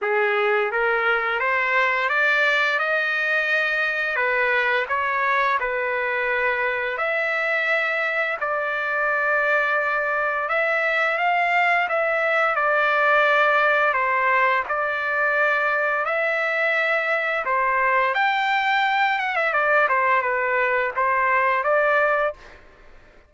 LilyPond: \new Staff \with { instrumentName = "trumpet" } { \time 4/4 \tempo 4 = 86 gis'4 ais'4 c''4 d''4 | dis''2 b'4 cis''4 | b'2 e''2 | d''2. e''4 |
f''4 e''4 d''2 | c''4 d''2 e''4~ | e''4 c''4 g''4. fis''16 e''16 | d''8 c''8 b'4 c''4 d''4 | }